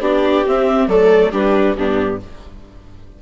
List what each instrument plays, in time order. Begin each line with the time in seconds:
0.00 bassoon B3, viola D4 G4, clarinet D5
0.45 viola C4, bassoon C4, clarinet E5
0.87 bassoon F#3, viola A3 A4, clarinet D5
1.31 bassoon G3, viola D4 G4, clarinet B4
1.76 bassoon G2, viola B3 D4, clarinet G4